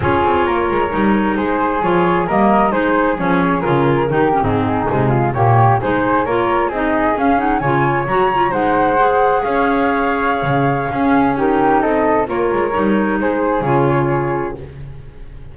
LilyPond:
<<
  \new Staff \with { instrumentName = "flute" } { \time 4/4 \tempo 4 = 132 cis''2. c''4 | cis''4 dis''4 c''4 cis''4 | ais'4.~ ais'16 gis'2 cis''16~ | cis''8. c''4 cis''4 dis''4 f''16~ |
f''16 fis''8 gis''4 ais''4 fis''4~ fis''16~ | fis''8. f''2.~ f''16~ | f''4 ais'4 dis''4 cis''4~ | cis''4 c''4 cis''2 | }
  \new Staff \with { instrumentName = "flute" } { \time 4/4 gis'4 ais'2 gis'4~ | gis'4 ais'4 gis'2~ | gis'4 g'8. dis'4. f'8 g'16~ | g'8. gis'4 ais'4 gis'4~ gis'16~ |
gis'8. cis''2 c''4~ c''16~ | c''8. cis''2.~ cis''16 | gis'4 g'4 a'4 ais'4~ | ais'4 gis'2. | }
  \new Staff \with { instrumentName = "clarinet" } { \time 4/4 f'2 dis'2 | f'4 ais4 dis'4 cis'4 | f'4 dis'8 cis'16 c'4 gis4 ais16~ | ais8. dis'4 f'4 dis'4 cis'16~ |
cis'16 dis'8 f'4 fis'8 f'8 dis'4 gis'16~ | gis'1 | cis'4 dis'2 f'4 | dis'2 f'2 | }
  \new Staff \with { instrumentName = "double bass" } { \time 4/4 cis'8 c'8 ais8 gis8 g4 gis4 | f4 g4 gis4 f4 | cis4 dis8. gis,4 c4 ais,16~ | ais,8. gis4 ais4 c'4 cis'16~ |
cis'8. cis4 fis4 gis4~ gis16~ | gis8. cis'2~ cis'16 cis4 | cis'2 c'4 ais8 gis8 | g4 gis4 cis2 | }
>>